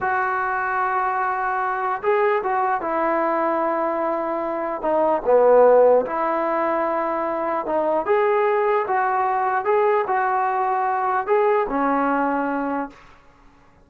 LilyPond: \new Staff \with { instrumentName = "trombone" } { \time 4/4 \tempo 4 = 149 fis'1~ | fis'4 gis'4 fis'4 e'4~ | e'1 | dis'4 b2 e'4~ |
e'2. dis'4 | gis'2 fis'2 | gis'4 fis'2. | gis'4 cis'2. | }